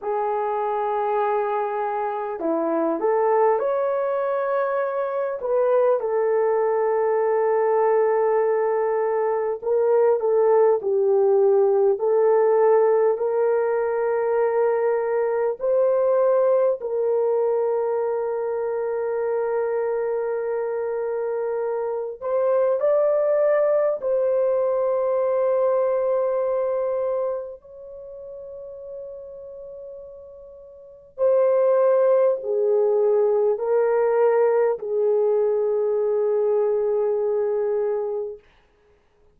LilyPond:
\new Staff \with { instrumentName = "horn" } { \time 4/4 \tempo 4 = 50 gis'2 e'8 a'8 cis''4~ | cis''8 b'8 a'2. | ais'8 a'8 g'4 a'4 ais'4~ | ais'4 c''4 ais'2~ |
ais'2~ ais'8 c''8 d''4 | c''2. cis''4~ | cis''2 c''4 gis'4 | ais'4 gis'2. | }